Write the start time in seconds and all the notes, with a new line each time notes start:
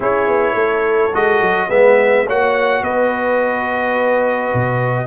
0.00 C#4 E4 G#4 C#5
0.27 B3
0.54 A3 A4
1.13 G#3 F#4 D#5
1.40 F#3
1.68 G#3 B3 B4 E5
2.25 A#3 F#4 C#5 F#5
2.82 B3 B4 D#5
4.53 B2